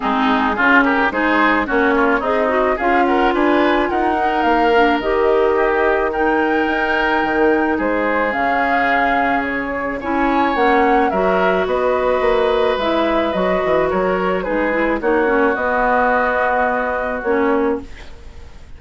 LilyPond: <<
  \new Staff \with { instrumentName = "flute" } { \time 4/4 \tempo 4 = 108 gis'4. ais'8 c''4 cis''4 | dis''4 f''8 fis''8 gis''4 fis''4 | f''4 dis''2 g''4~ | g''2 c''4 f''4~ |
f''4 cis''4 gis''4 fis''4 | e''4 dis''2 e''4 | dis''4 cis''4 b'4 cis''4 | dis''2. cis''4 | }
  \new Staff \with { instrumentName = "oboe" } { \time 4/4 dis'4 f'8 g'8 gis'4 fis'8 f'8 | dis'4 gis'8 ais'8 b'4 ais'4~ | ais'2 g'4 ais'4~ | ais'2 gis'2~ |
gis'2 cis''2 | ais'4 b'2.~ | b'4 ais'4 gis'4 fis'4~ | fis'1 | }
  \new Staff \with { instrumentName = "clarinet" } { \time 4/4 c'4 cis'4 dis'4 cis'4 | gis'8 fis'8 f'2~ f'8 dis'8~ | dis'8 d'8 g'2 dis'4~ | dis'2. cis'4~ |
cis'2 e'4 cis'4 | fis'2. e'4 | fis'2 dis'8 e'8 dis'8 cis'8 | b2. cis'4 | }
  \new Staff \with { instrumentName = "bassoon" } { \time 4/4 gis4 cis4 gis4 ais4 | c'4 cis'4 d'4 dis'4 | ais4 dis2. | dis'4 dis4 gis4 cis4~ |
cis2 cis'4 ais4 | fis4 b4 ais4 gis4 | fis8 e8 fis4 gis4 ais4 | b2. ais4 | }
>>